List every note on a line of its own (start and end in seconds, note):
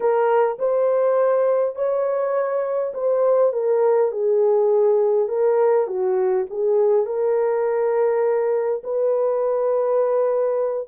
0.00 0.57 A#4
0.59 1.75 C5
1.75 2.93 C#5
2.94 3.52 C5
3.53 4.11 A#4
4.11 5.28 G#4
5.28 5.87 A#4
5.87 6.45 F#4
6.50 7.06 G#4
7.06 8.82 A#4
8.83 10.88 B4